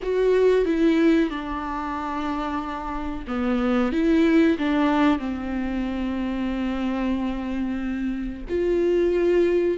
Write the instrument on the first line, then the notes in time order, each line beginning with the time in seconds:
viola
0.02 F#4
0.65 E4
1.30 D4
3.27 B3
3.92 E4
4.58 D4
5.18 C4
8.49 F4